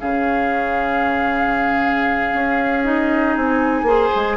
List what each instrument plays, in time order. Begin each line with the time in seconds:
0.00 bassoon C#3, clarinet C#4, oboe G#4, flute F5
2.33 bassoon C#4
2.84 clarinet D#4, flute D#5
3.37 bassoon C4, flute G#5
3.83 bassoon A#3, clarinet G#4, oboe C5
4.16 bassoon G#3